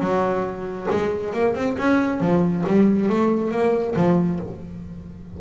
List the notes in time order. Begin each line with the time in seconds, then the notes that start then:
0.00 F#3
0.91 G#3
1.33 A#3
1.55 C4
1.78 C#4
2.21 F3
2.67 G3
3.10 A3
3.51 A#3
3.96 F3